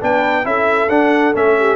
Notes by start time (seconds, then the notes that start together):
0.00 B3 D4 B4 G5
0.44 C#4 E4 A4 E5
0.89 D4 F#5
1.33 A3 C#4 E5
1.59 G4